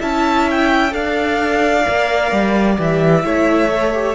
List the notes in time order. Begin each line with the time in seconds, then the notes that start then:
0.00 C#4 E4 E5 A5
0.51 G5
0.91 D4 A4 D5 F5
1.84 A#3 A#4
2.32 G3
2.77 E3 G4 E5
3.24 A3 E4 C#5
3.72 A4
3.94 G4